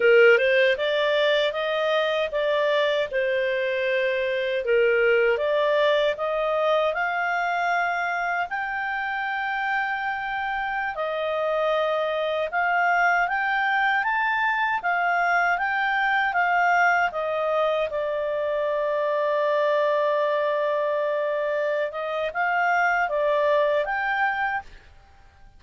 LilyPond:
\new Staff \with { instrumentName = "clarinet" } { \time 4/4 \tempo 4 = 78 ais'8 c''8 d''4 dis''4 d''4 | c''2 ais'4 d''4 | dis''4 f''2 g''4~ | g''2~ g''16 dis''4.~ dis''16~ |
dis''16 f''4 g''4 a''4 f''8.~ | f''16 g''4 f''4 dis''4 d''8.~ | d''1~ | d''8 dis''8 f''4 d''4 g''4 | }